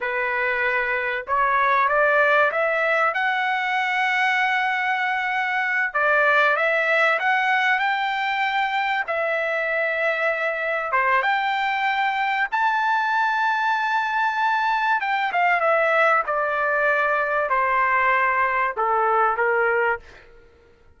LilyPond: \new Staff \with { instrumentName = "trumpet" } { \time 4/4 \tempo 4 = 96 b'2 cis''4 d''4 | e''4 fis''2.~ | fis''4. d''4 e''4 fis''8~ | fis''8 g''2 e''4.~ |
e''4. c''8 g''2 | a''1 | g''8 f''8 e''4 d''2 | c''2 a'4 ais'4 | }